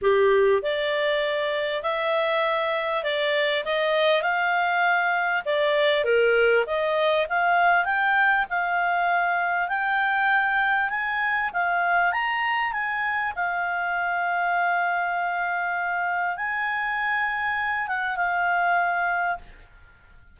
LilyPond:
\new Staff \with { instrumentName = "clarinet" } { \time 4/4 \tempo 4 = 99 g'4 d''2 e''4~ | e''4 d''4 dis''4 f''4~ | f''4 d''4 ais'4 dis''4 | f''4 g''4 f''2 |
g''2 gis''4 f''4 | ais''4 gis''4 f''2~ | f''2. gis''4~ | gis''4. fis''8 f''2 | }